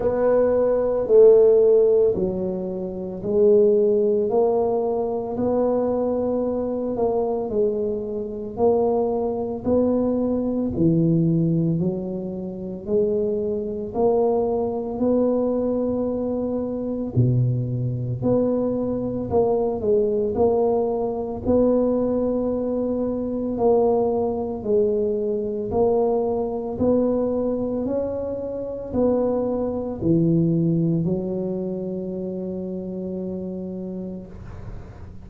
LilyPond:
\new Staff \with { instrumentName = "tuba" } { \time 4/4 \tempo 4 = 56 b4 a4 fis4 gis4 | ais4 b4. ais8 gis4 | ais4 b4 e4 fis4 | gis4 ais4 b2 |
b,4 b4 ais8 gis8 ais4 | b2 ais4 gis4 | ais4 b4 cis'4 b4 | e4 fis2. | }